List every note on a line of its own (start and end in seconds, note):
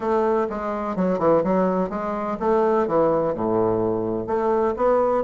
0.00 0.47 A3
0.49 0.95 G#3
0.95 1.18 F#3
1.18 1.42 E3
1.43 1.89 F#3
1.89 2.37 G#3
2.39 2.87 A3
2.87 3.34 E3
3.34 4.26 A2
4.26 4.74 A3
4.76 5.23 B3